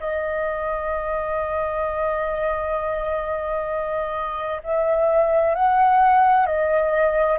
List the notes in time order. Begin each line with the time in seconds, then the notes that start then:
0.00 D#5
4.64 E5
5.55 F#5
6.46 D#5